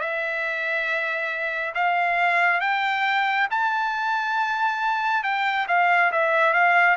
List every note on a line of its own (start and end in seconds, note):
0.00 1.74 E5
1.75 2.61 F5
2.61 3.48 G5
3.51 5.23 A5
5.23 5.67 G5
5.68 6.11 F5
6.12 6.53 E5
6.53 6.97 F5